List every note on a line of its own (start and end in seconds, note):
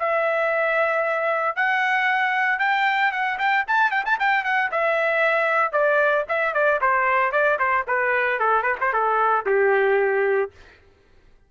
0.00 1.56 E5
1.56 2.60 F#5
2.60 3.12 G5
3.12 3.39 F#5
3.39 3.65 G5
3.68 3.91 A5
3.91 4.05 G5
4.06 4.19 A5
4.20 4.44 G5
4.44 4.71 F#5
4.72 5.72 E5
5.72 6.25 D5
6.29 6.54 E5
6.54 6.81 D5
6.82 7.32 C5
7.32 7.59 D5
7.59 7.86 C5
7.88 8.40 B4
8.40 8.63 A4
8.63 8.76 B4
8.81 8.93 C5
8.93 9.46 A4
9.46 10.51 G4